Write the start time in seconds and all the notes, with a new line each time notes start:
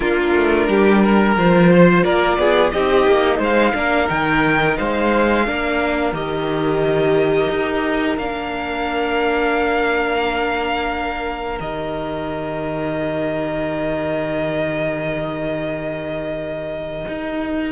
0.00 A#3 D4 F4 A#4
0.35 A3
0.68 G3 G4
1.03 A#4
1.36 F3 F4 C5
1.74 C5
2.03 A#3 A#4 D5
2.37 B3 G#4
2.70 C4 D#4 G4 D#5
3.07 A#3
3.38 G#3 C5 F5
3.74 A#3 D4 A#4
4.07 D#3 D#4 G5
4.76 G#3 C5 F5
5.46 A#3 D4 A#4
6.12 D#3 G4 D#5
7.49 D#4
8.17 A#3 D4 F5
11.60 D#3 G4 D#5
17.08 D#4